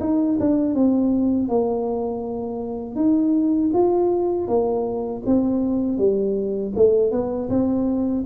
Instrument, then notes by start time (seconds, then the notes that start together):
tuba
0.00 D#4
0.40 D4
0.74 C4
1.49 A#3
2.96 D#4
3.73 F4
4.48 A#3
5.26 C4
5.98 G3
6.76 A3
7.11 B3
7.49 C4